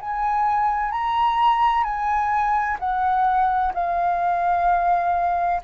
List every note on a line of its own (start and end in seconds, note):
0.00 0.91 G#5
0.91 1.83 A#5
1.83 2.77 G#5
2.79 3.73 F#5
3.74 5.61 F5